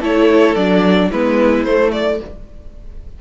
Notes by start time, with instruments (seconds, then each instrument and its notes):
0.00 cello A3, viola E4, violin A4 C#5
0.55 cello F#3, viola D4, violin D5
1.08 cello G#3, viola B3, violin E4 B4
1.64 cello A3, viola A3, violin C5
1.91 violin D5